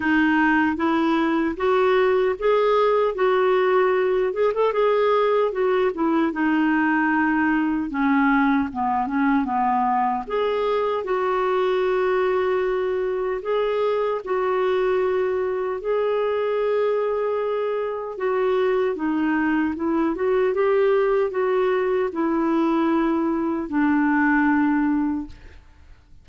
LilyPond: \new Staff \with { instrumentName = "clarinet" } { \time 4/4 \tempo 4 = 76 dis'4 e'4 fis'4 gis'4 | fis'4. gis'16 a'16 gis'4 fis'8 e'8 | dis'2 cis'4 b8 cis'8 | b4 gis'4 fis'2~ |
fis'4 gis'4 fis'2 | gis'2. fis'4 | dis'4 e'8 fis'8 g'4 fis'4 | e'2 d'2 | }